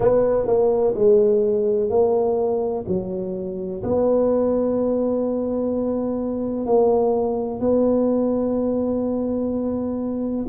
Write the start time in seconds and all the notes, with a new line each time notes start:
0.00 B3
0.46 A#3
0.94 G#3
1.89 A#3
2.87 F#3
3.83 B3
6.65 A#3
7.60 B3